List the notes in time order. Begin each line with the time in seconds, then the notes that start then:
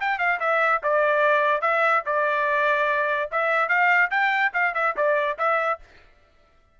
0.00 G5
0.18 F5
0.39 E5
0.83 D5
1.61 E5
2.05 D5
3.31 E5
3.68 F5
4.10 G5
4.53 F5
4.74 E5
4.96 D5
5.38 E5